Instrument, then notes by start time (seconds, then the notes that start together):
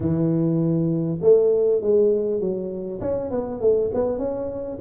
tuba
0.00 E3
1.21 A3
1.81 G#3
2.40 F#3
3.00 C#4
3.31 B3
3.60 A3
3.94 B3
4.18 C#4